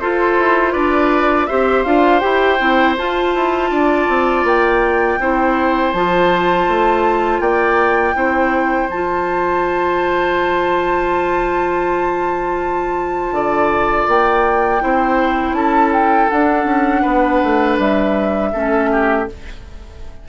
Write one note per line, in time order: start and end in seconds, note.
0.00 1.49 F4
0.00 0.38 F4
0.00 0.73 A4
0.00 0.72 C5
0.38 0.75 E4
0.72 1.49 D4
0.72 1.47 B4
0.72 1.46 D5
1.46 1.85 C4
1.46 1.86 G4
1.46 3.70 C5
1.46 1.83 E5
1.84 2.22 D4
1.84 2.21 F4
1.84 2.20 F5
2.20 2.60 E4
2.20 2.58 G4
2.20 2.94 G5
2.59 2.97 C4
2.59 2.96 E4
2.98 5.20 F4
2.98 3.35 F4
2.98 4.46 A5
3.35 3.71 E4
3.71 4.08 D4
3.71 5.19 D5
4.09 4.44 C4
4.44 5.18 A#3
4.44 5.93 G5
5.19 5.93 C4
5.19 5.95 E4
5.19 7.41 C5
5.93 6.67 F3
5.93 8.15 F4
5.93 7.40 A5
6.68 7.40 A3
7.40 8.14 A#3
7.40 8.15 D5
7.40 8.89 G5
8.15 8.88 C4
8.15 8.89 E4
8.15 13.35 C5
8.88 13.32 F3
8.88 14.81 F4
8.88 14.08 A5
13.32 14.06 D3
13.32 14.83 D5
14.08 14.82 A#3
14.08 15.54 G5
14.81 15.53 C4
14.81 16.29 E4
14.81 15.56 C5
15.53 16.27 C#4
15.53 17.02 A4
15.53 15.91 A5
15.93 16.30 G5
16.30 18.53 D4
16.30 16.65 D4
16.30 17.78 F#5
16.65 17.02 C#4
17.02 17.42 B3
17.02 18.50 B4
17.43 17.79 A3
17.79 18.53 G3
17.79 19.28 E5
18.52 19.28 A3
18.52 19.27 C#4
18.52 18.90 A4
18.92 19.29 G4